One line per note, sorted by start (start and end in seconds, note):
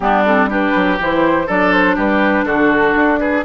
0.00 0.71 G3
0.00 0.25 B3
0.00 0.49 D4
0.00 0.24 G4
0.25 0.49 C4
0.25 0.50 A4
0.49 0.98 D4
0.49 1.46 G4
0.49 1.00 B4
0.75 0.99 F#3
0.99 1.48 E3
0.99 1.48 E4
0.99 1.49 C5
1.46 1.97 F#3
1.46 3.44 D4
1.46 1.95 A4
1.46 1.72 D5
1.72 1.97 C5
1.95 2.44 G3
1.95 2.45 G4
1.95 2.45 B4
2.44 2.93 D3
2.44 3.19 F#4
2.44 3.19 A4
2.95 3.44 D4
3.19 3.44 G#4
3.19 3.44 B4